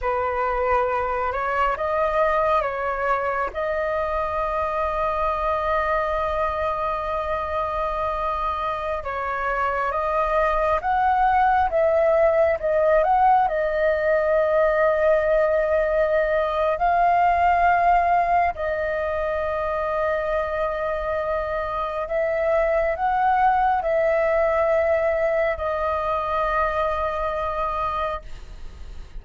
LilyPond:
\new Staff \with { instrumentName = "flute" } { \time 4/4 \tempo 4 = 68 b'4. cis''8 dis''4 cis''4 | dis''1~ | dis''2~ dis''16 cis''4 dis''8.~ | dis''16 fis''4 e''4 dis''8 fis''8 dis''8.~ |
dis''2. f''4~ | f''4 dis''2.~ | dis''4 e''4 fis''4 e''4~ | e''4 dis''2. | }